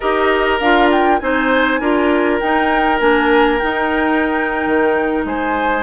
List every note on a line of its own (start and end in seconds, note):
0.00 0.60 D#4
0.00 0.61 G4
0.00 1.19 A#4
0.00 0.59 D#5
0.59 1.20 D4
0.59 1.21 F4
0.59 0.89 F5
0.91 1.19 G5
1.19 1.80 C4
1.19 1.80 D#4
1.19 1.80 C5
1.19 2.39 G#5
1.80 2.40 D4
1.80 2.41 F4
1.80 5.25 A#4
2.39 3.00 D#4
2.39 2.99 D#4
2.39 2.99 G5
2.99 3.60 A#3
2.99 3.59 D4
2.99 3.58 G#5
3.58 5.83 D#4
3.58 4.66 D#4
3.58 5.23 G5
4.66 5.24 D#3
5.24 5.83 G#3
5.24 5.83 C5
5.24 5.83 G#5